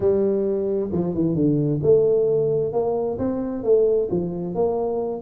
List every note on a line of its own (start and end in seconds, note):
0.00 0.90 G3
0.92 1.14 F3
1.14 1.34 E3
1.34 1.80 D3
1.82 2.72 A3
2.72 3.18 A#3
3.18 3.63 C4
3.63 4.08 A3
4.10 4.55 F3
4.55 5.21 A#3